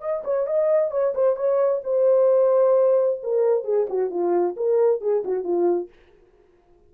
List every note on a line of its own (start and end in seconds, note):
0.00 0.23 D#5
0.24 0.46 C#5
0.46 0.90 D#5
0.90 1.13 C#5
1.14 1.36 C5
1.36 1.81 C#5
1.84 3.20 C5
3.23 3.64 A#4
3.64 3.86 G#4
3.89 4.10 F#4
4.10 4.55 F4
4.56 5.00 A#4
5.00 5.23 G#4
5.24 5.43 F#4
5.43 5.89 F4